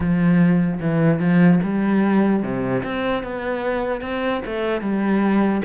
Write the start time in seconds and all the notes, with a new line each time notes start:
0.00 F3
0.80 E3
1.19 F3
1.63 G3
2.42 C3
2.83 C4
3.23 B3
4.01 C4
4.45 A3
4.81 G3